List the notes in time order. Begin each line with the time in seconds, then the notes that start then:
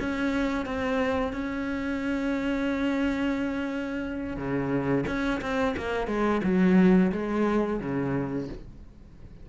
0.00 C#4
0.66 C4
1.33 C#4
4.37 C#3
5.07 C#4
5.42 C4
5.77 A#3
6.08 G#3
6.44 F#3
7.12 G#3
7.80 C#3